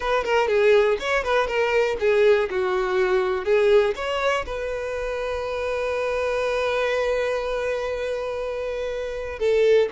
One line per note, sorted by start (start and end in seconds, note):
0.00 0.24 B4
0.24 0.48 A#4
0.48 0.97 G#4
0.99 1.23 C#5
1.23 1.47 B4
1.47 1.96 A#4
1.99 2.49 G#4
2.50 3.44 F#4
3.44 3.94 G#4
3.95 4.45 C#5
4.46 9.39 B4
9.39 9.88 A4